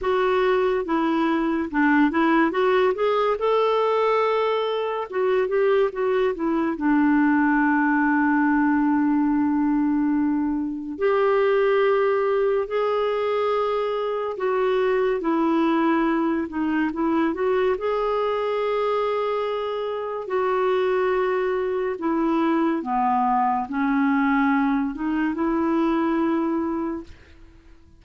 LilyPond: \new Staff \with { instrumentName = "clarinet" } { \time 4/4 \tempo 4 = 71 fis'4 e'4 d'8 e'8 fis'8 gis'8 | a'2 fis'8 g'8 fis'8 e'8 | d'1~ | d'4 g'2 gis'4~ |
gis'4 fis'4 e'4. dis'8 | e'8 fis'8 gis'2. | fis'2 e'4 b4 | cis'4. dis'8 e'2 | }